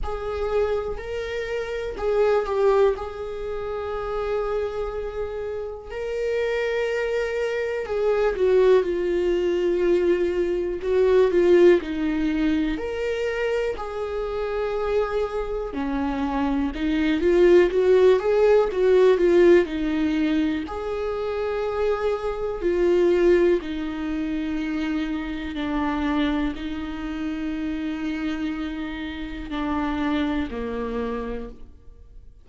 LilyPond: \new Staff \with { instrumentName = "viola" } { \time 4/4 \tempo 4 = 61 gis'4 ais'4 gis'8 g'8 gis'4~ | gis'2 ais'2 | gis'8 fis'8 f'2 fis'8 f'8 | dis'4 ais'4 gis'2 |
cis'4 dis'8 f'8 fis'8 gis'8 fis'8 f'8 | dis'4 gis'2 f'4 | dis'2 d'4 dis'4~ | dis'2 d'4 ais4 | }